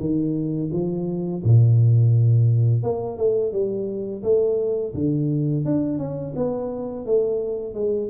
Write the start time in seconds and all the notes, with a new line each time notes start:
0.00 D#3
0.73 F3
1.44 A#2
2.84 A#3
3.18 A3
3.53 G3
4.24 A3
4.95 D3
5.66 D4
5.99 C#4
6.36 B3
7.07 A3
7.75 G#3